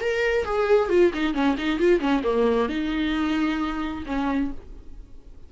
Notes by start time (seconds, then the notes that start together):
0.00 A#4
0.45 G#4
0.89 F4
1.14 D#4
1.34 C#4
1.57 D#4
1.79 F4
2.00 C#4
2.24 A#3
2.69 D#4
4.06 C#4